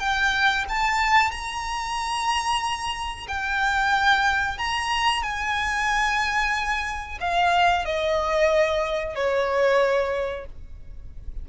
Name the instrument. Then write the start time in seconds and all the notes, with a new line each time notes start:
violin
0.00 G5
0.69 A5
1.32 A#5
3.28 G5
4.59 A#5
5.23 G#5
7.21 F5
7.86 D#5
9.15 C#5